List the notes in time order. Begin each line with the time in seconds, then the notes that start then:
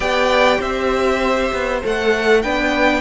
0.00 B3 G4 D5 G5
0.58 C4 C5 E5
1.53 B3
1.81 A3 A4 F#5
2.42 B3 D4 B4 G5